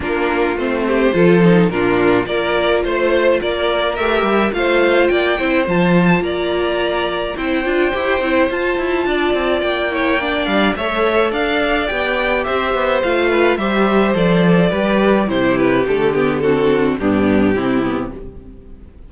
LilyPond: <<
  \new Staff \with { instrumentName = "violin" } { \time 4/4 \tempo 4 = 106 ais'4 c''2 ais'4 | d''4 c''4 d''4 e''4 | f''4 g''4 a''4 ais''4~ | ais''4 g''2 a''4~ |
a''4 g''4. f''8 e''4 | f''4 g''4 e''4 f''4 | e''4 d''2 c''8 b'8 | a'8 g'8 a'4 g'2 | }
  \new Staff \with { instrumentName = "violin" } { \time 4/4 f'4. g'8 a'4 f'4 | ais'4 c''4 ais'2 | c''4 d''8 c''4. d''4~ | d''4 c''2. |
d''4. cis''8 d''4 cis''4 | d''2 c''4. b'8 | c''2 b'4 g'4~ | g'4 fis'4 d'4 e'4 | }
  \new Staff \with { instrumentName = "viola" } { \time 4/4 d'4 c'4 f'8 dis'8 d'4 | f'2. g'4 | f'4. e'8 f'2~ | f'4 e'8 f'8 g'8 e'8 f'4~ |
f'4. e'8 d'4 a'4~ | a'4 g'2 f'4 | g'4 a'4 g'4 e'4 | a8 b8 c'4 b4 c'8 b8 | }
  \new Staff \with { instrumentName = "cello" } { \time 4/4 ais4 a4 f4 ais,4 | ais4 a4 ais4 a8 g8 | a4 ais8 c'8 f4 ais4~ | ais4 c'8 d'8 e'8 c'8 f'8 e'8 |
d'8 c'8 ais4. g8 a4 | d'4 b4 c'8 b8 a4 | g4 f4 g4 c4 | d2 g,4 c4 | }
>>